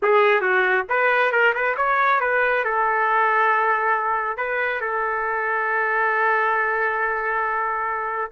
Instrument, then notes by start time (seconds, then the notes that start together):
trumpet
0.02 G#4
0.41 F#4
0.89 B4
1.31 A#4
1.54 B4
1.76 C#5
2.20 B4
2.64 A4
4.37 B4
4.81 A4